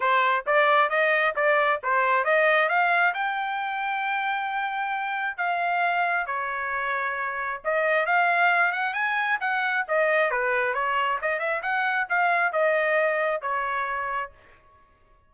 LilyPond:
\new Staff \with { instrumentName = "trumpet" } { \time 4/4 \tempo 4 = 134 c''4 d''4 dis''4 d''4 | c''4 dis''4 f''4 g''4~ | g''1 | f''2 cis''2~ |
cis''4 dis''4 f''4. fis''8 | gis''4 fis''4 dis''4 b'4 | cis''4 dis''8 e''8 fis''4 f''4 | dis''2 cis''2 | }